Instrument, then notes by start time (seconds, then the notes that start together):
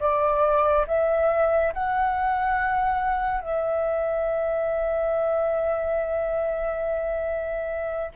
flute
0.00 D5
0.87 E5
1.73 F#5
3.41 E5